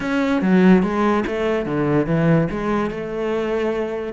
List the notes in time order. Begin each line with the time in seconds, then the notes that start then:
0.00 C#4
0.41 F#3
0.82 G#3
1.26 A3
1.65 D3
2.06 E3
2.50 G#3
2.90 A3